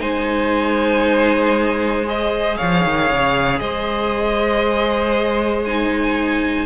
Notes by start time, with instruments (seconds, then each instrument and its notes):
0.00 cello G#3, viola D#4, violin C5 G#5
2.07 viola G#4, violin D#5
2.57 cello F3, violin C#5 F5
2.85 cello D#3
3.11 cello C#3
3.60 cello G#3, violin C5 D#5
5.65 viola D#4, violin G#5